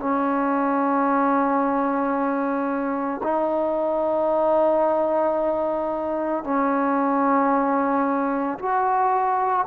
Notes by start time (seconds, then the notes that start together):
0.00 C#4
3.23 D#4
6.44 C#4
8.59 F#4